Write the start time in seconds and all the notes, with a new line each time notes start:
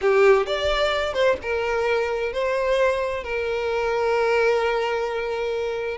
0.01 G4
0.46 D5
1.13 C5
1.41 A#4
2.32 C5
3.23 A#4